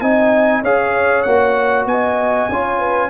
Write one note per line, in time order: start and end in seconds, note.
0.00 0.62 C4
0.00 0.64 D#4
0.00 0.62 D#5
0.00 0.62 G#5
0.62 1.25 C#4
0.62 1.26 G#4
0.62 1.86 C#5
0.62 1.22 F5
1.22 1.85 A#3
1.22 2.50 F#4
1.22 1.84 F#5
1.85 2.47 B3
1.85 2.51 D#5
1.85 3.10 G#5
2.49 3.10 C#4
2.49 3.10 F4
2.49 2.78 C#5
2.78 3.09 B4